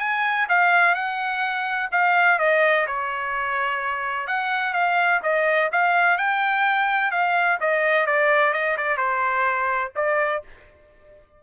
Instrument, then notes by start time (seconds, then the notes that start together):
trumpet
0.00 G#5
0.49 F5
0.95 F#5
1.92 F5
2.39 D#5
2.87 C#5
4.27 F#5
4.73 F5
5.23 D#5
5.72 F5
6.18 G5
7.11 F5
7.60 D#5
8.07 D5
8.53 D#5
8.77 D5
8.97 C5
9.96 D5